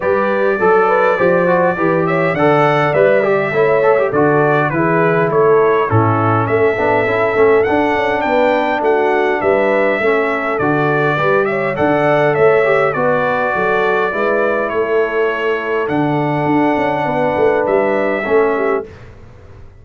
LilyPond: <<
  \new Staff \with { instrumentName = "trumpet" } { \time 4/4 \tempo 4 = 102 d''2.~ d''8 e''8 | fis''4 e''2 d''4 | b'4 cis''4 a'4 e''4~ | e''4 fis''4 g''4 fis''4 |
e''2 d''4. e''8 | fis''4 e''4 d''2~ | d''4 cis''2 fis''4~ | fis''2 e''2 | }
  \new Staff \with { instrumentName = "horn" } { \time 4/4 b'4 a'8 b'8 c''4 b'8 cis''8 | d''2 cis''4 a'4 | gis'4 a'4 e'4 a'4~ | a'2 b'4 fis'4 |
b'4 a'2 b'8 cis''8 | d''4 cis''4 b'4 a'4 | b'4 a'2.~ | a'4 b'2 a'8 g'8 | }
  \new Staff \with { instrumentName = "trombone" } { \time 4/4 g'4 a'4 g'8 fis'8 g'4 | a'4 b'8 g'8 e'8 a'16 g'16 fis'4 | e'2 cis'4. d'8 | e'8 cis'8 d'2.~ |
d'4 cis'4 fis'4 g'4 | a'4. g'8 fis'2 | e'2. d'4~ | d'2. cis'4 | }
  \new Staff \with { instrumentName = "tuba" } { \time 4/4 g4 fis4 f4 e4 | d4 g4 a4 d4 | e4 a4 a,4 a8 b8 | cis'8 a8 d'8 cis'8 b4 a4 |
g4 a4 d4 g4 | d4 a4 b4 fis4 | gis4 a2 d4 | d'8 cis'8 b8 a8 g4 a4 | }
>>